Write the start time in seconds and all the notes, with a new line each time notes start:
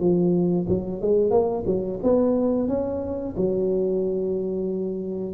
0.00 F3
0.69 F#3
1.02 G#3
1.31 A#3
1.67 F#3
2.03 B3
2.69 C#4
3.37 F#3